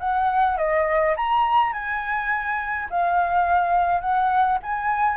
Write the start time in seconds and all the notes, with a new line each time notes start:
0.00 F#5
0.58 D#5
1.17 A#5
1.73 G#5
2.90 F5
4.01 F#5
4.63 G#5